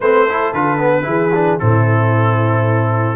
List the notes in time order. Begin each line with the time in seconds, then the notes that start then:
0.00 A3 C4 B4 C5
0.25 E4 A4
0.53 D3 F4 B4
0.78 B3
1.03 E3 E4 G#4
1.34 D4
1.59 A2 C4 E4 A4